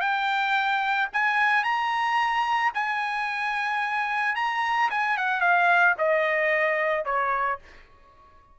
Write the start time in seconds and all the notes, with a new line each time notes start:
0.00 G5
1.13 G#5
1.64 A#5
2.74 G#5
4.35 A#5
4.90 G#5
5.17 F#5
5.40 F5
5.98 D#5
7.05 C#5